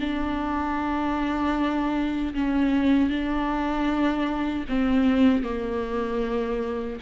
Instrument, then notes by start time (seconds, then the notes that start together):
viola
0.00 D4
2.34 C#4
3.09 D4
4.69 C4
5.43 A#3